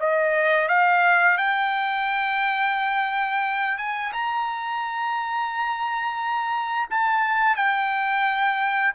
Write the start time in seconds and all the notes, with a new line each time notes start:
0.00 D#5
0.69 F5
1.38 G5
3.78 G#5
4.13 A#5
6.91 A5
7.56 G5